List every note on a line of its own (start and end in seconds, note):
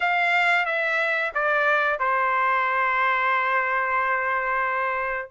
0.00 0.65 F5
0.65 1.32 E5
1.34 1.98 D5
1.98 5.31 C5